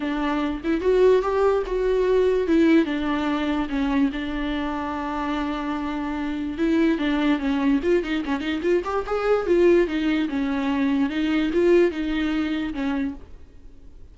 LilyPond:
\new Staff \with { instrumentName = "viola" } { \time 4/4 \tempo 4 = 146 d'4. e'8 fis'4 g'4 | fis'2 e'4 d'4~ | d'4 cis'4 d'2~ | d'1 |
e'4 d'4 cis'4 f'8 dis'8 | cis'8 dis'8 f'8 g'8 gis'4 f'4 | dis'4 cis'2 dis'4 | f'4 dis'2 cis'4 | }